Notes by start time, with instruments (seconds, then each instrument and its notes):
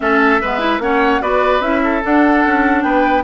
0.00 bassoon A3, clarinet C#4, oboe A4, flute E5
0.41 bassoon G#3, clarinet B3, oboe B4
0.59 clarinet E4
0.79 bassoon A#3, clarinet C#4, oboe C#5, flute F#5
1.20 bassoon B3, clarinet F#4, oboe B4, flute D5
1.60 bassoon C#4, clarinet E4, flute E5
1.83 oboe A4
2.03 clarinet D4, bassoon D4, flute F#5
2.46 bassoon C#4
2.82 bassoon B3, oboe B4, flute G5